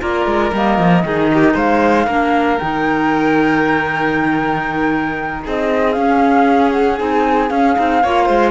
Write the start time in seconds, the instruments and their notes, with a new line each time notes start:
0.00 cello A#3, clarinet F4, violin A#4, flute D5
0.26 cello G#3
0.52 cello G3, clarinet A#3, flute D#5
0.78 cello F3
1.03 cello D#3, clarinet D#4, violin G#4
1.34 violin G4
1.54 cello G#3, violin C5, flute F5
2.06 cello A#3, clarinet D4, violin A#4
2.59 cello D#3, clarinet D#4, flute G5
5.45 cello C4, violin G#4, flute D#5
5.92 clarinet C#4, cello C#4, flute F5
6.71 flute F#5
6.97 cello C4, clarinet D#4, flute G#5
7.49 clarinet C#4, cello C#4, flute F5
7.75 cello C4, clarinet D#4
8.03 cello A#3, clarinet F4, violin C#5
8.26 cello G#3, violin C5